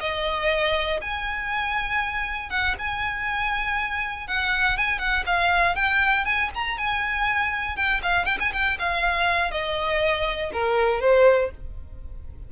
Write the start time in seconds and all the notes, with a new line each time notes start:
0.00 D#5
1.01 G#5
2.50 F#5
2.78 G#5
4.27 F#5
4.77 G#5
4.98 F#5
5.26 F5
5.75 G5
6.25 G#5
6.54 A#5
6.77 G#5
7.76 G5
8.03 F5
8.25 G5
8.40 G#5
8.53 G5
8.79 F5
9.51 D#5
10.53 A#4
11.00 C5